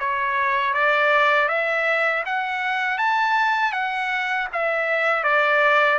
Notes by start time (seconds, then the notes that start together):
0.00 C#5
0.74 D5
1.49 E5
2.26 F#5
2.98 A5
3.73 F#5
4.53 E5
5.24 D5